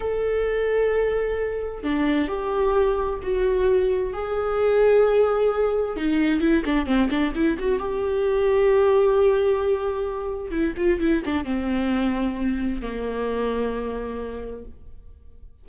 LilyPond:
\new Staff \with { instrumentName = "viola" } { \time 4/4 \tempo 4 = 131 a'1 | d'4 g'2 fis'4~ | fis'4 gis'2.~ | gis'4 dis'4 e'8 d'8 c'8 d'8 |
e'8 fis'8 g'2.~ | g'2. e'8 f'8 | e'8 d'8 c'2. | ais1 | }